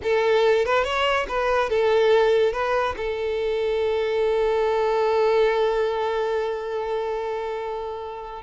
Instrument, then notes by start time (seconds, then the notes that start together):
violin
0.02 A4
0.65 B4
0.84 C#5
1.28 B4
1.69 A4
2.52 B4
2.96 A4